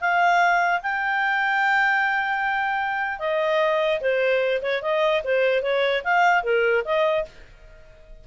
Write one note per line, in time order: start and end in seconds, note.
0.00 0.81 F5
0.82 3.19 G5
3.19 4.00 D#5
4.00 4.61 C5
4.62 4.82 C#5
4.82 5.22 D#5
5.24 5.62 C5
5.62 6.03 C#5
6.04 6.43 F5
6.43 6.83 A#4
6.85 7.25 D#5